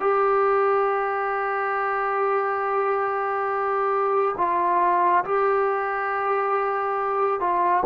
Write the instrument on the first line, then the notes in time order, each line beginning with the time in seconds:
trombone
0.00 G4
4.37 F4
5.25 G4
7.40 F4